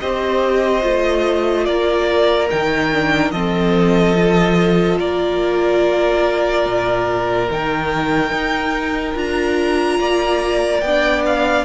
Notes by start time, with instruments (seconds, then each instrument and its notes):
0.00 cello C4, viola G4, violin C5 D#5
0.82 cello A3, viola F4
1.65 cello A#3, violin A#4 D5
2.51 cello D#3, viola D#4, violin G5
2.92 viola D4
3.31 cello F3, viola C4, violin A4 D#5
4.16 viola F4
4.99 cello A#3, violin A#4 D5
6.66 cello A#2
7.50 cello D#3, viola D#4, violin G5
8.31 cello D#4
9.15 cello D4, viola F4, violin A#5
9.99 cello A#3, violin D5
10.81 cello B3, violin G5
10.87 viola D4
11.26 violin F5